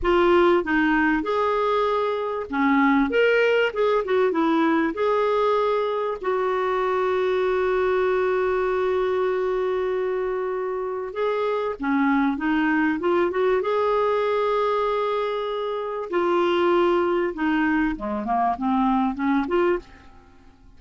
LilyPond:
\new Staff \with { instrumentName = "clarinet" } { \time 4/4 \tempo 4 = 97 f'4 dis'4 gis'2 | cis'4 ais'4 gis'8 fis'8 e'4 | gis'2 fis'2~ | fis'1~ |
fis'2 gis'4 cis'4 | dis'4 f'8 fis'8 gis'2~ | gis'2 f'2 | dis'4 gis8 ais8 c'4 cis'8 f'8 | }